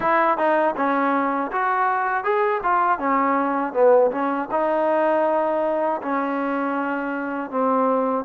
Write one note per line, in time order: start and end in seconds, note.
0.00 0.37 E4
0.37 0.75 D#4
0.76 1.51 C#4
1.51 2.23 F#4
2.23 2.61 G#4
2.63 2.99 F4
2.99 3.73 C#4
3.73 4.10 B3
4.11 4.48 C#4
4.51 6.01 D#4
6.01 7.50 C#4
7.50 8.25 C4